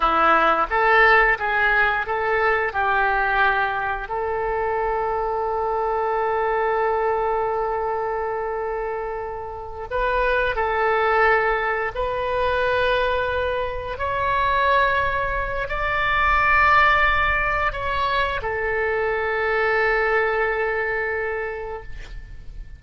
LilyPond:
\new Staff \with { instrumentName = "oboe" } { \time 4/4 \tempo 4 = 88 e'4 a'4 gis'4 a'4 | g'2 a'2~ | a'1~ | a'2~ a'8 b'4 a'8~ |
a'4. b'2~ b'8~ | b'8 cis''2~ cis''8 d''4~ | d''2 cis''4 a'4~ | a'1 | }